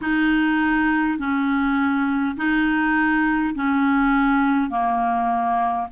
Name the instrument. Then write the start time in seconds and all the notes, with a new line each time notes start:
clarinet
0.01 D#4
1.18 C#4
2.36 D#4
3.55 C#4
4.70 A#3